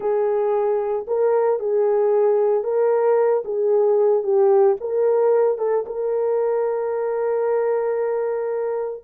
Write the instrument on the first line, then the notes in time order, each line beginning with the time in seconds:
horn
0.00 G#4
1.07 A#4
1.59 G#4
2.63 A#4
3.44 G#4
4.23 G4
4.80 A#4
5.58 A4
5.86 A#4